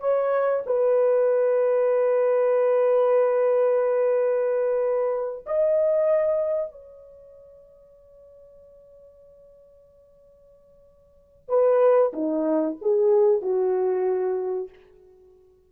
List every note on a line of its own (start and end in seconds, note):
0.00 0.64 C#5
0.66 5.45 B4
5.46 6.72 D#5
6.72 11.49 C#5
11.49 12.12 B4
12.13 12.77 D#4
12.82 13.42 G#4
13.42 14.70 F#4